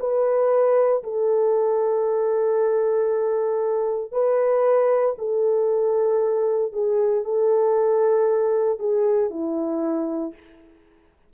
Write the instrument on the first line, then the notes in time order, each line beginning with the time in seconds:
horn
0.00 B4
1.03 A4
4.12 B4
5.18 A4
6.73 G#4
7.25 A4
8.79 G#4
9.31 E4